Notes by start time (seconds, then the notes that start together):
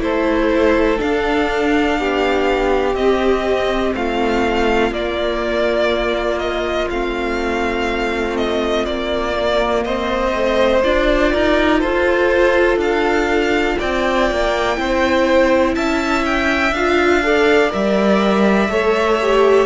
0.00 A3 E4 A4 C5
0.98 D4 F5
1.99 B3 G4
2.95 C4 D#5
3.95 A3 F4 F5
4.91 A#3 D5
6.39 D#5
6.91 A3 C4 F5
8.37 D#5
8.85 A#3 D5
9.34 A#3
9.84 C4 C5 D#5
10.35 A3
10.84 D4 F4 D5
11.33 D#4 A#4
11.80 F4 A4 C5
12.77 D4 F5
13.79 C4 D5 G5
14.31 A#3
14.75 C4 E4 C5
15.75 C#4 E5 A5
16.25 G5
16.73 D4 F4 F5
17.24 A4 D5
17.70 G3 A#4 E5
18.69 A3 A4 C#5
19.22 G4